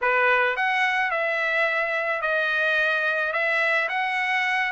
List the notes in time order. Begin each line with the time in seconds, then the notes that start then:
0.01 B4
0.56 F#5
1.10 E5
2.21 D#5
3.32 E5
3.88 F#5